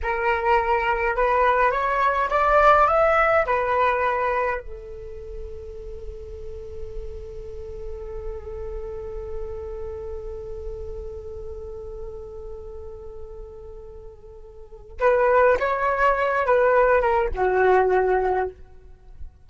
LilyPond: \new Staff \with { instrumentName = "flute" } { \time 4/4 \tempo 4 = 104 ais'2 b'4 cis''4 | d''4 e''4 b'2 | a'1~ | a'1~ |
a'1~ | a'1~ | a'2 b'4 cis''4~ | cis''8 b'4 ais'8 fis'2 | }